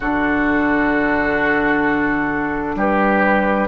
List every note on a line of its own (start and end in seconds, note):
0.00 2.75 D3
0.00 3.68 D4
0.00 2.75 F#4
0.00 2.78 A4
2.75 3.67 G3
2.75 3.68 G4
2.75 3.68 B4